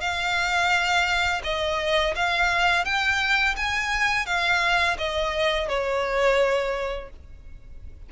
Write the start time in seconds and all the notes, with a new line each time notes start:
0.00 F5
1.44 D#5
2.16 F5
2.85 G5
3.56 G#5
4.26 F5
4.98 D#5
5.68 C#5